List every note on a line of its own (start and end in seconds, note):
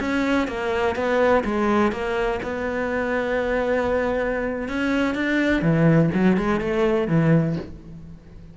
0.00 0.48 C#4
0.48 0.96 A#3
0.96 1.44 B3
1.45 1.92 G#3
1.92 2.40 A#3
2.43 4.69 B3
4.69 5.15 C#4
5.15 5.62 D4
5.62 6.10 E3
6.14 6.37 F#3
6.37 6.60 G#3
6.60 7.08 A3
7.08 7.56 E3